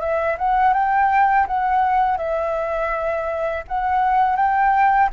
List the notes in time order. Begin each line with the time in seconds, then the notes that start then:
0.00 E5
0.38 F#5
0.73 G5
1.47 F#5
2.17 E5
3.68 F#5
4.36 G5